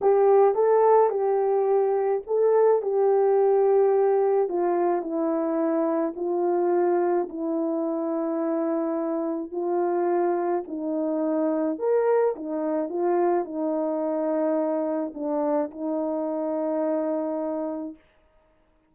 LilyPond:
\new Staff \with { instrumentName = "horn" } { \time 4/4 \tempo 4 = 107 g'4 a'4 g'2 | a'4 g'2. | f'4 e'2 f'4~ | f'4 e'2.~ |
e'4 f'2 dis'4~ | dis'4 ais'4 dis'4 f'4 | dis'2. d'4 | dis'1 | }